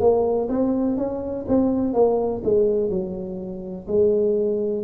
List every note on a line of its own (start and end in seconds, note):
0.00 0.48 A#3
0.48 0.97 C4
0.97 1.45 C#4
1.48 1.93 C4
1.93 2.41 A#3
2.44 2.89 G#3
2.89 3.86 F#3
3.87 4.83 G#3